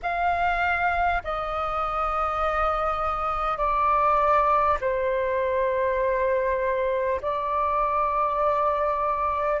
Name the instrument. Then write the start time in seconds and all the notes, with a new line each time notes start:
flute
0.02 F5
1.23 D#5
3.57 D5
4.80 C5
7.21 D5